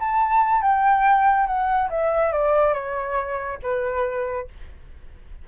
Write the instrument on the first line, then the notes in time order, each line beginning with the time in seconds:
flute
0.00 A5
0.62 G5
1.47 F#5
1.90 E5
2.32 D5
2.74 C#5
3.63 B4